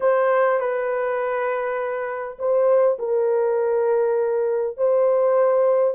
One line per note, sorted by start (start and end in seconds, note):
0.00 0.59 C5
0.59 2.38 B4
2.38 2.98 C5
2.98 4.77 A#4
4.77 5.94 C5